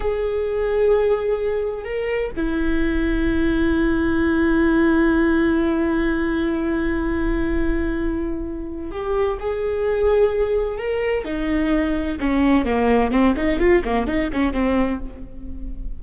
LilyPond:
\new Staff \with { instrumentName = "viola" } { \time 4/4 \tempo 4 = 128 gis'1 | ais'4 e'2.~ | e'1~ | e'1~ |
e'2. g'4 | gis'2. ais'4 | dis'2 cis'4 ais4 | c'8 dis'8 f'8 ais8 dis'8 cis'8 c'4 | }